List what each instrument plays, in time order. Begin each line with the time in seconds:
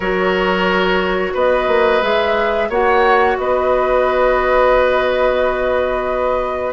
0.00 bassoon F#3, clarinet F#4, oboe A#4, flute C#5
1.33 bassoon B3, oboe B4, flute D#5
1.67 bassoon A#3
2.02 bassoon G#3, clarinet G#4, flute E5
2.69 bassoon A#3, clarinet F#4, oboe C#5, flute F#5
3.37 bassoon B3, oboe B4, flute D#5